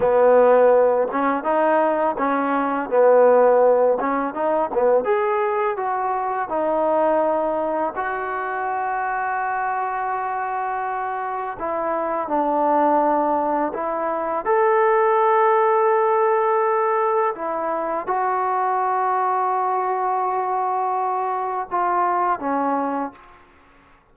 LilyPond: \new Staff \with { instrumentName = "trombone" } { \time 4/4 \tempo 4 = 83 b4. cis'8 dis'4 cis'4 | b4. cis'8 dis'8 b8 gis'4 | fis'4 dis'2 fis'4~ | fis'1 |
e'4 d'2 e'4 | a'1 | e'4 fis'2.~ | fis'2 f'4 cis'4 | }